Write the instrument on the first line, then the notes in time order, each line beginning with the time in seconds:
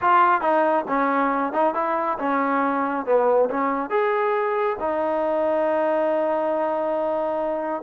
trombone
0.01 F4
0.41 D#4
0.87 C#4
1.52 D#4
1.74 E4
2.19 C#4
3.05 B3
3.50 C#4
3.90 G#4
4.79 D#4